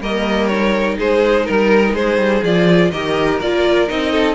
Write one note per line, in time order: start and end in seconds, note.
0.00 0.97 G3
0.00 0.50 A#3
0.00 0.98 A#4
0.00 0.47 D#5
0.47 2.44 D#4
0.47 0.95 C#5
0.98 1.48 G#3
0.98 1.45 G#4
0.98 1.46 C5
1.45 1.93 G3
1.45 1.93 A#4
1.45 1.95 A#4
1.93 2.17 G#3
1.93 2.91 G#4
1.93 2.43 C5
2.17 2.42 G3
2.42 2.90 F3
2.42 2.93 F4
2.42 2.91 D5
2.91 3.40 D#3
2.91 3.41 G4
2.91 4.12 A#4
2.91 3.39 D#5
3.41 3.89 A#3
3.41 3.88 F4
3.41 3.88 D5
3.88 4.34 C4
3.88 4.34 D#4
3.88 4.34 D#5
4.12 4.34 A4